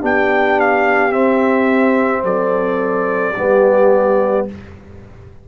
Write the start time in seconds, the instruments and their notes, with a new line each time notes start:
0.00 tuba B3, trombone D4, horn G4, trumpet G5
0.60 trumpet F5
1.12 trombone C4, tuba C4, trumpet E5
2.24 tuba F#3, horn A4, trumpet D5
3.35 tuba G3, trombone B3, horn G4